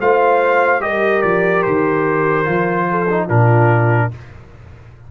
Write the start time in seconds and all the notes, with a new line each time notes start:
0.00 A3 F4 C5 F5
0.81 G3 G4 A#4 D#5
1.22 F3 D5
1.63 D#3 C5
2.45 F3 F4
2.91 A4
3.10 D#4
3.26 A#2 D4 F4 A#4